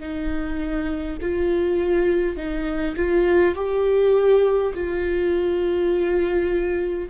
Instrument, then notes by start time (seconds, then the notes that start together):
viola
0.00 D#4
1.21 F4
2.37 D#4
2.96 F4
3.56 G4
4.74 F4